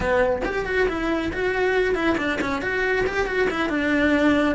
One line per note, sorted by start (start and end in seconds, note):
0.00 0.42 B3
0.44 0.65 G4
0.65 0.87 F#4
0.88 1.32 E4
1.32 1.94 F#4
1.94 2.16 E4
2.17 2.39 D4
2.41 2.61 C#4
2.61 3.05 F#4
3.06 3.26 G4
3.26 3.48 F#4
3.50 3.69 E4
3.69 4.55 D4